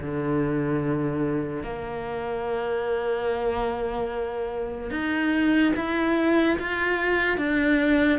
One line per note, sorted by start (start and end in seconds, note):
0.00 1.63 D3
1.63 4.91 A#3
4.91 5.73 D#4
5.75 6.58 E4
6.58 7.37 F4
7.37 8.19 D4